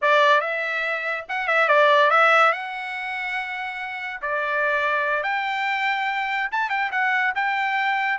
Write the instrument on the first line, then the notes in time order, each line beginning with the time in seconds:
trumpet
0.01 D5
0.40 E5
1.28 F#5
1.47 E5
1.68 D5
2.10 E5
2.52 F#5
4.21 D5
5.23 G5
6.51 A5
6.69 G5
6.91 F#5
7.35 G5